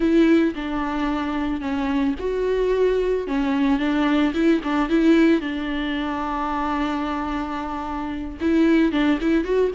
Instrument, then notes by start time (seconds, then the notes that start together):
viola
0.00 E4
0.55 D4
1.60 C#4
2.19 F#4
3.27 C#4
3.79 D4
4.34 E4
4.63 D4
4.89 E4
5.40 D4
8.41 E4
8.91 D4
9.20 E4
9.44 F#4